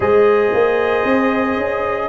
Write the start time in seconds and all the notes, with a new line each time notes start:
0.00 G#3 G#4 C5 D#5
0.53 A#3
1.04 C4
1.57 C#4